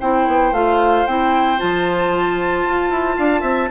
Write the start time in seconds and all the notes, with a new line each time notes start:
0.00 C4 E4 C5 G5
0.27 B3
0.52 A3 F4 F5
1.06 C4 E4 G5
1.58 F3 F4 A5
2.65 F4
2.90 E4
3.16 D4 F5
3.41 C4 E5